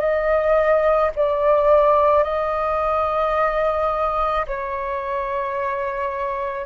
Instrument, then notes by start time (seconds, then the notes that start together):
flute
0.00 D#5
1.16 D5
2.24 D#5
4.47 C#5